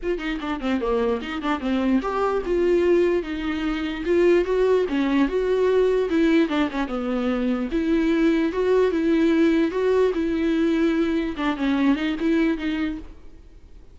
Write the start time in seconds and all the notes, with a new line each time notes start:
0.02 F4
0.18 D#4
0.40 D4
0.60 C4
0.80 A#3
1.21 D#4
1.42 D4
1.60 C4
2.02 G4
2.45 F4
3.22 D#4
4.05 F4
4.45 F#4
4.88 C#4
5.27 F#4
6.09 E4
6.48 D4
6.70 C#4
6.87 B3
7.71 E4
8.52 F#4
8.91 E4
9.71 F#4
10.14 E4
11.36 D4
11.57 C#4
11.95 D#4
12.20 E4
12.57 D#4